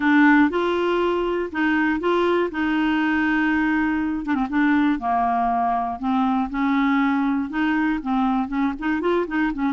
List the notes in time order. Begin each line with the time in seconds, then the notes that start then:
0.00 D4
0.50 F4
1.52 D#4
2.00 F4
2.51 D#4
4.25 D4
4.34 C4
4.49 D4
4.99 A#3
5.99 C4
6.50 C#4
7.49 D#4
8.02 C4
8.47 C#4
8.79 D#4
9.00 F4
9.27 D#4
9.53 C#4